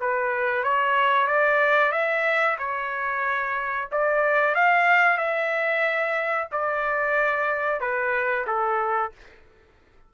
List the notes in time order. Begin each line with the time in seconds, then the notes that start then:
0.00 B4
0.63 C#5
1.27 D5
1.92 E5
2.58 C#5
3.91 D5
4.54 F5
5.17 E5
6.51 D5
7.80 B4
8.46 A4